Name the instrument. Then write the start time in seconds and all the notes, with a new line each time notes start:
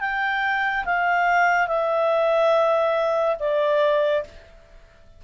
clarinet
0.00 G5
0.85 F5
1.67 E5
3.39 D5